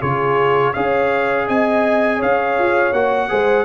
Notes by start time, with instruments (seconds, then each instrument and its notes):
0.00 tuba C#3, trombone F4, horn G#4, trumpet C#5
0.73 tuba C#4, trombone G#4, horn C#5, trumpet F5
1.47 tuba C4, horn D#5, trumpet G#5
2.18 tuba C#4, horn C#5, trumpet F5
2.59 tuba F4
2.93 tuba A#3, trombone F#4, trumpet F#5
3.29 tuba G#3, trombone G#4, horn C5